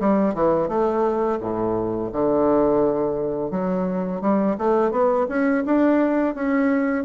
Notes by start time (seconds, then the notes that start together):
0.00 G3
0.35 E3
0.68 A3
1.41 A2
2.13 D3
3.51 F#3
4.21 G3
4.58 A3
4.91 B3
5.29 C#4
5.66 D4
6.35 C#4